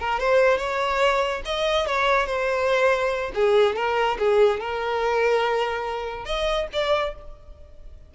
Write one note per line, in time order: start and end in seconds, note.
0.00 0.20 A#4
0.20 0.58 C5
0.58 1.42 C#5
1.46 1.87 D#5
1.87 2.27 C#5
2.27 3.32 C5
3.35 3.76 G#4
3.76 4.18 A#4
4.19 4.61 G#4
4.61 6.26 A#4
6.26 6.68 D#5
6.73 7.15 D5